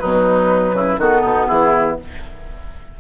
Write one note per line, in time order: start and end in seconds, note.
0.00 0.74 B2
0.00 1.00 F#3
0.00 0.76 D#4
0.00 0.99 B4
0.74 0.98 C#3
0.74 1.00 E4
0.99 1.24 D#3
0.99 2.00 B3
0.99 1.21 F#4
0.99 1.47 A4
1.21 1.49 B2
1.21 1.46 D#4
1.47 2.00 E3
1.47 1.98 E4
1.47 1.97 G#4